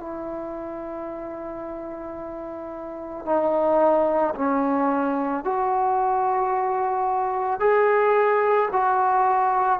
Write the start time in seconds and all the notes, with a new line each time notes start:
0.00 E4
3.25 D#4
4.35 C#4
5.44 F#4
7.60 G#4
8.72 F#4